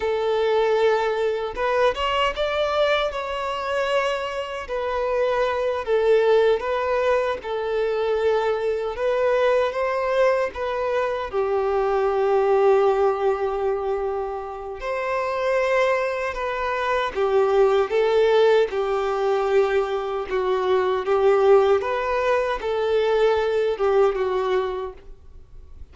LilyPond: \new Staff \with { instrumentName = "violin" } { \time 4/4 \tempo 4 = 77 a'2 b'8 cis''8 d''4 | cis''2 b'4. a'8~ | a'8 b'4 a'2 b'8~ | b'8 c''4 b'4 g'4.~ |
g'2. c''4~ | c''4 b'4 g'4 a'4 | g'2 fis'4 g'4 | b'4 a'4. g'8 fis'4 | }